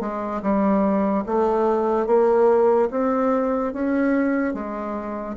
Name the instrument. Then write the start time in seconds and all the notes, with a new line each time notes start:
bassoon
0.00 G#3
0.42 G3
1.26 A3
2.06 A#3
2.90 C4
3.72 C#4
4.54 G#3